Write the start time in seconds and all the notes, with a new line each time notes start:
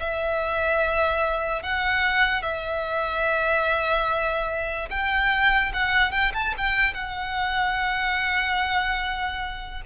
0.00 E5
1.63 F#5
2.42 E5
4.90 G5
5.73 F#5
6.11 G5
6.34 A5
6.57 G5
6.94 F#5